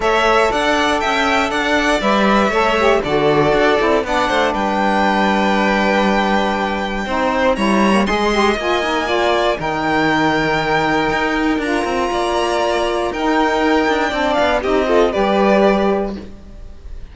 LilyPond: <<
  \new Staff \with { instrumentName = "violin" } { \time 4/4 \tempo 4 = 119 e''4 fis''4 g''4 fis''4 | e''2 d''2 | fis''4 g''2.~ | g''2. ais''4 |
c'''4 gis''2 g''4~ | g''2. ais''4~ | ais''2 g''2~ | g''8 f''8 dis''4 d''2 | }
  \new Staff \with { instrumentName = "violin" } { \time 4/4 cis''4 d''4 e''4 d''4~ | d''4 cis''4 a'2 | d''8 c''8 b'2.~ | b'2 c''4 cis''4 |
dis''2 d''4 ais'4~ | ais'1 | d''2 ais'2 | d''4 g'8 a'8 b'2 | }
  \new Staff \with { instrumentName = "saxophone" } { \time 4/4 a'1 | b'4 a'8 g'8 fis'4. e'8 | d'1~ | d'2 dis'4 e'8. ais16 |
gis'8 g'8 f'8 dis'8 f'4 dis'4~ | dis'2. f'4~ | f'2 dis'2 | d'4 dis'8 f'8 g'2 | }
  \new Staff \with { instrumentName = "cello" } { \time 4/4 a4 d'4 cis'4 d'4 | g4 a4 d4 d'8 c'8 | b8 a8 g2.~ | g2 c'4 g4 |
gis4 ais2 dis4~ | dis2 dis'4 d'8 c'8 | ais2 dis'4. d'8 | c'8 b8 c'4 g2 | }
>>